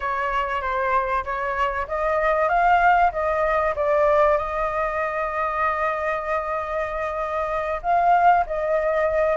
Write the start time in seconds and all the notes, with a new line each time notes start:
0.00 C#5
0.61 C5
1.24 C#5
1.87 D#5
2.48 F5
3.12 D#5
3.75 D5
4.37 D#5
7.82 F5
8.46 D#5